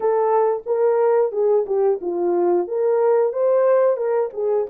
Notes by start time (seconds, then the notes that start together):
0.00 A4
0.65 A#4
1.32 G#4
1.66 G4
2.01 F4
2.67 A#4
3.32 C5
3.96 A#4
4.33 G#4